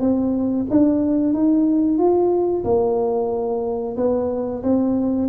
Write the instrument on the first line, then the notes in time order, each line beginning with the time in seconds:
tuba
0.00 C4
0.70 D4
1.33 D#4
1.98 F4
2.64 A#3
3.96 B3
4.62 C4